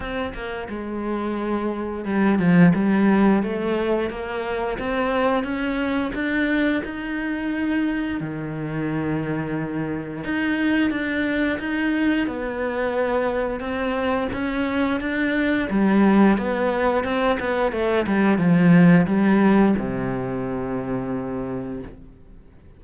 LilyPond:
\new Staff \with { instrumentName = "cello" } { \time 4/4 \tempo 4 = 88 c'8 ais8 gis2 g8 f8 | g4 a4 ais4 c'4 | cis'4 d'4 dis'2 | dis2. dis'4 |
d'4 dis'4 b2 | c'4 cis'4 d'4 g4 | b4 c'8 b8 a8 g8 f4 | g4 c2. | }